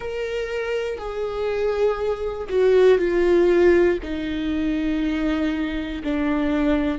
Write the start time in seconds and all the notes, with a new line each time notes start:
0.00 A#4
0.97 G#4
2.49 F#4
2.98 F4
4.03 D#4
6.03 D4